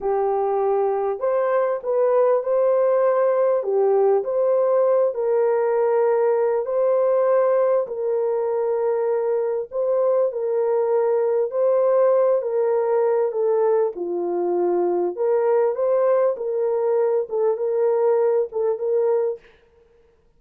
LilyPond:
\new Staff \with { instrumentName = "horn" } { \time 4/4 \tempo 4 = 99 g'2 c''4 b'4 | c''2 g'4 c''4~ | c''8 ais'2~ ais'8 c''4~ | c''4 ais'2. |
c''4 ais'2 c''4~ | c''8 ais'4. a'4 f'4~ | f'4 ais'4 c''4 ais'4~ | ais'8 a'8 ais'4. a'8 ais'4 | }